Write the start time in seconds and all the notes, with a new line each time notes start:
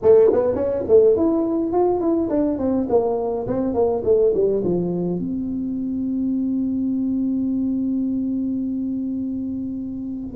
0.02 A3
0.32 B3
0.55 C#4
0.88 A3
1.16 E4
1.72 F4
2.00 E4
2.29 D4
2.58 C4
2.89 A#3
3.47 C4
3.74 A#3
4.04 A3
4.34 G3
4.64 F3
5.19 C4